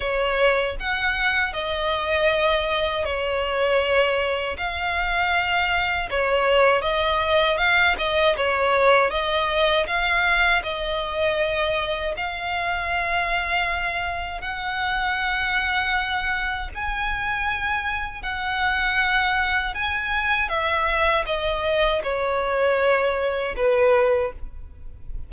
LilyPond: \new Staff \with { instrumentName = "violin" } { \time 4/4 \tempo 4 = 79 cis''4 fis''4 dis''2 | cis''2 f''2 | cis''4 dis''4 f''8 dis''8 cis''4 | dis''4 f''4 dis''2 |
f''2. fis''4~ | fis''2 gis''2 | fis''2 gis''4 e''4 | dis''4 cis''2 b'4 | }